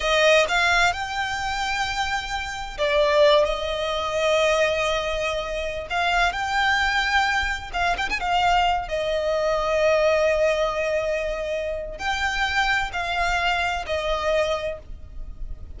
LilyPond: \new Staff \with { instrumentName = "violin" } { \time 4/4 \tempo 4 = 130 dis''4 f''4 g''2~ | g''2 d''4. dis''8~ | dis''1~ | dis''8. f''4 g''2~ g''16~ |
g''8. f''8 g''16 gis''16 f''4. dis''8.~ | dis''1~ | dis''2 g''2 | f''2 dis''2 | }